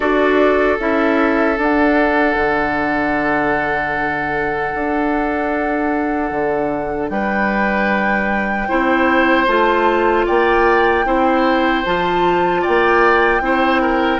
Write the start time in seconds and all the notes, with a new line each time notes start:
0.00 D4 F#4 A4 D5
0.78 C#4 E4 E5
1.55 D4
1.61 F#5
2.35 D3
4.74 D4
6.31 D3
7.08 G3 B4 G5
8.68 C4 E4 C5
9.46 A3 F4 A5
10.26 A#3 D5 G5
11.05 C4 E4 C5
11.85 F3 F4 A5
12.61 A#3 D5 G5
13.40 C4 E4 C5
13.81 A#4